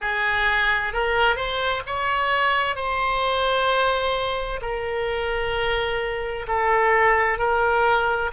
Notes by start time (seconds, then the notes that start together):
0.01 G#4
0.93 A#4
1.36 C5
1.86 C#5
2.75 C5
4.62 A#4
6.47 A4
7.38 A#4